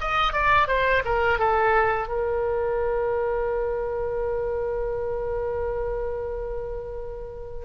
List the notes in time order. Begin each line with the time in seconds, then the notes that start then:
0.00 D#5
0.32 D5
0.67 C5
1.04 A#4
1.38 A4
2.08 A#4